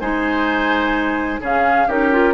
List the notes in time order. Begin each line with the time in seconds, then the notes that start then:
0.00 G#3 D#4 C5 G#5
1.40 C#3 C#4 G#4 F5
1.88 C#4 D#4 G4 A#4
2.12 F4